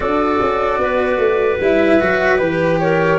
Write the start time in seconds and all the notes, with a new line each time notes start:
0.00 D4 F#4 A4 D5
0.41 C#4
0.78 B3 B4
1.17 A3
1.60 G3 E4 E5
2.00 F#3 F#4
2.38 E3 G4 B4
2.79 A#4 C#5